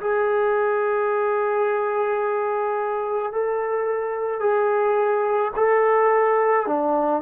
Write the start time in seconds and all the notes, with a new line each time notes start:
0.00 G#4
3.32 A4
4.40 G#4
5.56 A4
6.67 D4